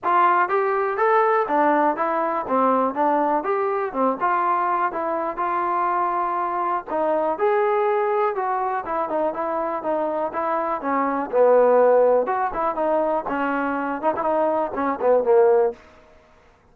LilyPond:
\new Staff \with { instrumentName = "trombone" } { \time 4/4 \tempo 4 = 122 f'4 g'4 a'4 d'4 | e'4 c'4 d'4 g'4 | c'8 f'4. e'4 f'4~ | f'2 dis'4 gis'4~ |
gis'4 fis'4 e'8 dis'8 e'4 | dis'4 e'4 cis'4 b4~ | b4 fis'8 e'8 dis'4 cis'4~ | cis'8 dis'16 e'16 dis'4 cis'8 b8 ais4 | }